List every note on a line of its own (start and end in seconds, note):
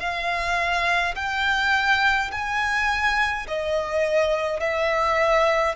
0.00 1.15 F5
1.16 2.31 G5
2.32 3.47 G#5
3.48 4.60 D#5
4.60 5.76 E5